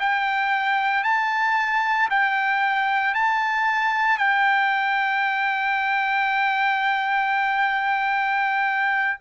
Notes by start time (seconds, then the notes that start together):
0.00 G5
1.04 A5
2.10 G5
3.14 A5
4.18 G5